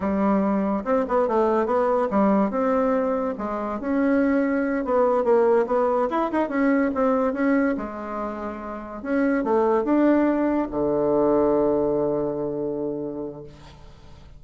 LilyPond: \new Staff \with { instrumentName = "bassoon" } { \time 4/4 \tempo 4 = 143 g2 c'8 b8 a4 | b4 g4 c'2 | gis4 cis'2~ cis'8 b8~ | b8 ais4 b4 e'8 dis'8 cis'8~ |
cis'8 c'4 cis'4 gis4.~ | gis4. cis'4 a4 d'8~ | d'4. d2~ d8~ | d1 | }